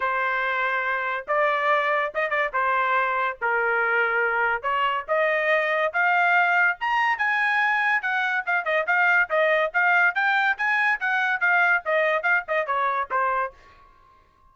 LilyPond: \new Staff \with { instrumentName = "trumpet" } { \time 4/4 \tempo 4 = 142 c''2. d''4~ | d''4 dis''8 d''8 c''2 | ais'2. cis''4 | dis''2 f''2 |
ais''4 gis''2 fis''4 | f''8 dis''8 f''4 dis''4 f''4 | g''4 gis''4 fis''4 f''4 | dis''4 f''8 dis''8 cis''4 c''4 | }